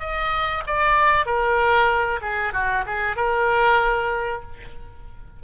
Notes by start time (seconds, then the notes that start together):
0.00 D#5
0.67 D5
1.26 A#4
2.22 G#4
2.53 F#4
2.87 G#4
3.16 A#4